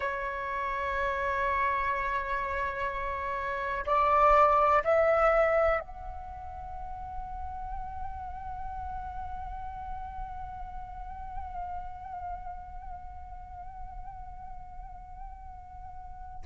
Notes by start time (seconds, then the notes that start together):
0.00 C#5
3.85 D5
4.84 E5
5.79 F#5